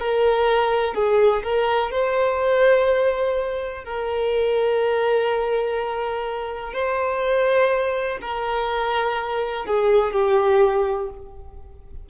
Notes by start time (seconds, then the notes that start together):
0.00 A#4
0.95 G#4
1.44 A#4
1.91 C5
3.85 A#4
6.73 C5
8.22 A#4
9.66 G#4
10.13 G4